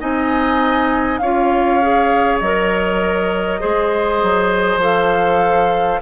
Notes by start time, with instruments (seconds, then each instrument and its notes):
0.00 bassoon C4, clarinet D#4, oboe D#5, flute G#5
1.19 bassoon C#4, clarinet F4, oboe C#5, flute F5
1.82 clarinet G#4
2.40 bassoon F#3, clarinet A#4, flute D#5
3.60 bassoon G#3, clarinet G#4, oboe C5
4.23 bassoon F#3
4.77 bassoon F3, clarinet A4, flute F5